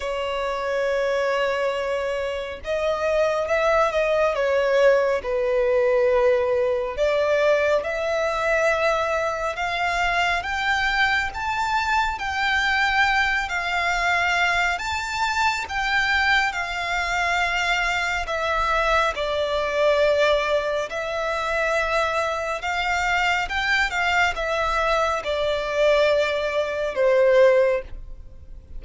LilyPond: \new Staff \with { instrumentName = "violin" } { \time 4/4 \tempo 4 = 69 cis''2. dis''4 | e''8 dis''8 cis''4 b'2 | d''4 e''2 f''4 | g''4 a''4 g''4. f''8~ |
f''4 a''4 g''4 f''4~ | f''4 e''4 d''2 | e''2 f''4 g''8 f''8 | e''4 d''2 c''4 | }